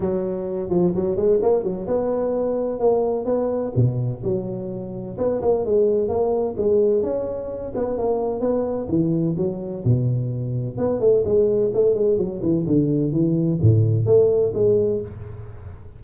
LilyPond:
\new Staff \with { instrumentName = "tuba" } { \time 4/4 \tempo 4 = 128 fis4. f8 fis8 gis8 ais8 fis8 | b2 ais4 b4 | b,4 fis2 b8 ais8 | gis4 ais4 gis4 cis'4~ |
cis'8 b8 ais4 b4 e4 | fis4 b,2 b8 a8 | gis4 a8 gis8 fis8 e8 d4 | e4 a,4 a4 gis4 | }